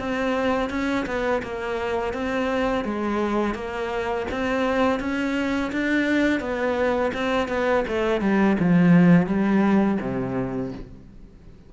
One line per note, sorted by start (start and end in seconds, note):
0.00 0.70 C4
0.70 1.06 C#4
1.06 1.42 B3
1.43 2.14 A#3
2.14 2.85 C4
2.85 3.55 G#3
3.55 4.27 A#3
4.31 5.00 C4
5.00 5.72 C#4
5.72 6.41 D4
6.41 7.12 B3
7.14 7.49 C4
7.49 7.84 B3
7.88 8.21 A3
8.21 8.57 G3
8.59 9.27 F3
9.27 9.98 G3
10.01 10.72 C3